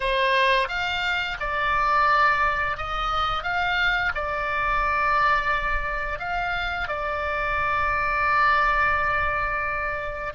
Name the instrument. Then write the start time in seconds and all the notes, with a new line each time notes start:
oboe
0.00 C5
0.68 F5
1.39 D5
2.77 D#5
3.43 F5
4.14 D5
6.19 F5
6.88 D5